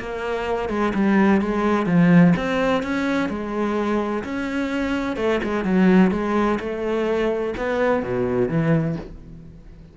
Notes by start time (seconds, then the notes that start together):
0.00 A#3
0.70 G#3
0.95 G3
1.42 G#3
1.87 F3
2.37 C4
2.83 C#4
3.29 G#3
4.24 C#4
5.17 A3
5.44 G#3
5.65 F#3
6.12 G#3
6.60 A3
7.57 B3
8.03 B2
8.49 E3